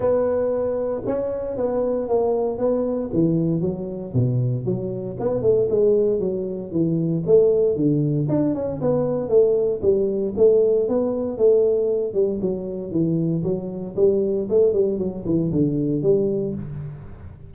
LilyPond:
\new Staff \with { instrumentName = "tuba" } { \time 4/4 \tempo 4 = 116 b2 cis'4 b4 | ais4 b4 e4 fis4 | b,4 fis4 b8 a8 gis4 | fis4 e4 a4 d4 |
d'8 cis'8 b4 a4 g4 | a4 b4 a4. g8 | fis4 e4 fis4 g4 | a8 g8 fis8 e8 d4 g4 | }